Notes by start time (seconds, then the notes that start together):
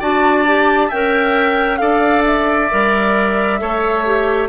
0.00 D4 F#4 D5 A5
0.46 G4
0.88 C#4 A#4 E5 G5
1.77 D4 A4 D5 F5
2.26 E5
2.71 G3 A#4
3.59 A3 A4 C#5
4.06 G4